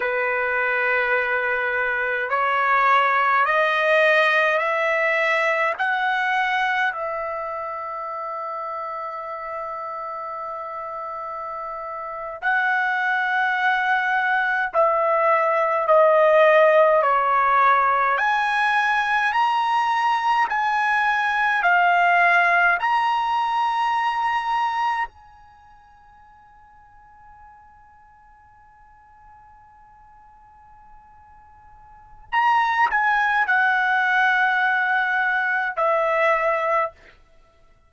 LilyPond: \new Staff \with { instrumentName = "trumpet" } { \time 4/4 \tempo 4 = 52 b'2 cis''4 dis''4 | e''4 fis''4 e''2~ | e''2~ e''8. fis''4~ fis''16~ | fis''8. e''4 dis''4 cis''4 gis''16~ |
gis''8. ais''4 gis''4 f''4 ais''16~ | ais''4.~ ais''16 gis''2~ gis''16~ | gis''1 | ais''8 gis''8 fis''2 e''4 | }